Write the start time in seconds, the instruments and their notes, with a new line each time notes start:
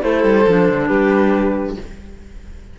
0.00 cello A3, clarinet E4, violin A4, flute C5
0.24 cello G3
0.47 cello F3, clarinet D4
0.68 cello D3
0.86 cello G3, violin G4, flute B4